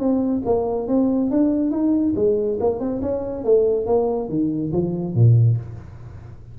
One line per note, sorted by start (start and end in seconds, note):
0.00 0.43 C4
0.46 0.88 A#3
0.88 1.31 C4
1.31 1.71 D4
1.71 2.14 D#4
2.16 2.59 G#3
2.61 2.80 A#3
2.80 3.02 C4
3.02 3.45 C#4
3.45 3.87 A3
3.87 4.30 A#3
4.30 4.72 D#3
4.73 5.15 F3
5.15 5.58 A#2